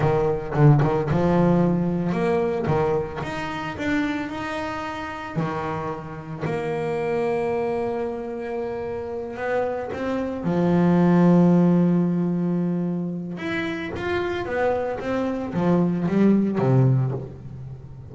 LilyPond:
\new Staff \with { instrumentName = "double bass" } { \time 4/4 \tempo 4 = 112 dis4 d8 dis8 f2 | ais4 dis4 dis'4 d'4 | dis'2 dis2 | ais1~ |
ais4. b4 c'4 f8~ | f1~ | f4 e'4 f'4 b4 | c'4 f4 g4 c4 | }